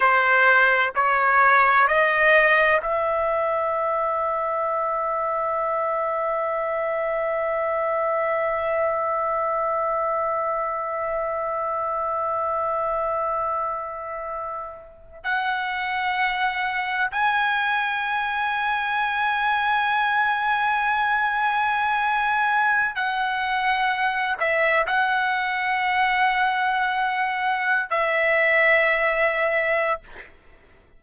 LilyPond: \new Staff \with { instrumentName = "trumpet" } { \time 4/4 \tempo 4 = 64 c''4 cis''4 dis''4 e''4~ | e''1~ | e''1~ | e''1~ |
e''16 fis''2 gis''4.~ gis''16~ | gis''1~ | gis''8 fis''4. e''8 fis''4.~ | fis''4.~ fis''16 e''2~ e''16 | }